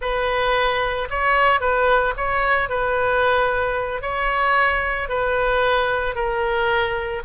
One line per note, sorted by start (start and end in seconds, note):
0.01 1.08 B4
1.10 1.60 C#5
1.60 2.14 B4
2.16 2.69 C#5
2.69 4.01 B4
4.01 5.08 C#5
5.08 6.15 B4
6.15 7.22 A#4